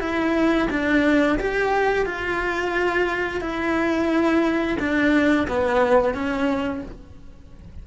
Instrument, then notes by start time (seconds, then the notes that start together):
cello
0.00 E4
0.70 D4
1.39 G4
2.05 F4
3.41 E4
4.79 D4
5.48 B3
6.14 C#4